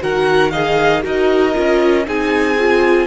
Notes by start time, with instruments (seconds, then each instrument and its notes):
0.00 cello D#3, viola F#4, violin A#4 F#5
0.50 viola G#4, violin D#5 F5
1.02 cello D#4, viola F#4, violin A#4 D#5
1.53 cello C#4, viola F4
2.06 cello C4, viola D#4, violin G#4 G#5
2.58 viola F4